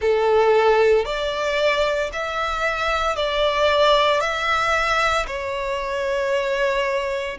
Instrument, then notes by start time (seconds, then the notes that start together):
violin
0.00 A4
1.05 D5
2.12 E5
3.16 D5
4.20 E5
5.26 C#5